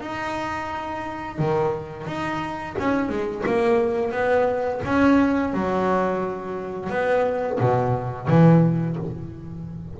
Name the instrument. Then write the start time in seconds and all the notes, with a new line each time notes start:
double bass
0.00 D#4
1.38 D#3
2.06 D#4
2.78 C#4
3.09 G#3
3.45 A#3
4.11 B3
4.85 C#4
5.53 F#3
6.89 B3
7.60 B2
8.27 E3